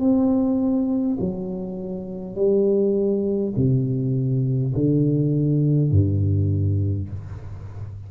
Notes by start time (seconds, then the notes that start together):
0.00 C4
1.20 F#3
2.36 G3
3.57 C3
4.75 D3
5.91 G2